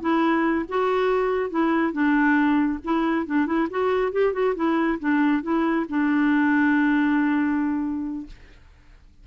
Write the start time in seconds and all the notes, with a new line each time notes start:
0.00 E4
0.68 F#4
1.50 E4
1.92 D4
2.84 E4
3.26 D4
3.46 E4
3.70 F#4
4.12 G4
4.33 F#4
4.55 E4
4.99 D4
5.42 E4
5.89 D4